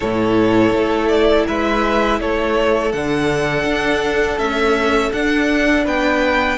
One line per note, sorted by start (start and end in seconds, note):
0.00 0.71 A2
0.00 2.93 E4
0.00 1.46 A4
0.00 1.08 C#5
0.71 1.45 A3
1.08 1.44 D5
1.46 2.20 G#3
1.46 2.19 B4
1.46 2.20 E5
2.20 2.93 A3
2.20 5.84 A4
2.20 2.92 C#5
2.92 3.64 D3
2.92 4.39 D4
2.92 4.38 F#5
3.64 4.37 D4
4.38 5.12 A3
4.38 5.11 C#4
4.38 5.11 E5
5.12 5.86 D4
5.12 6.57 D4
5.12 5.85 F#5
5.84 6.57 B3
5.84 6.57 B4
5.84 6.57 G5